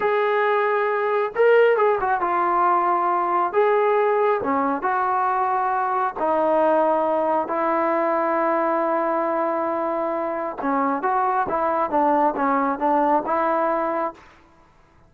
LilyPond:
\new Staff \with { instrumentName = "trombone" } { \time 4/4 \tempo 4 = 136 gis'2. ais'4 | gis'8 fis'8 f'2. | gis'2 cis'4 fis'4~ | fis'2 dis'2~ |
dis'4 e'2.~ | e'1 | cis'4 fis'4 e'4 d'4 | cis'4 d'4 e'2 | }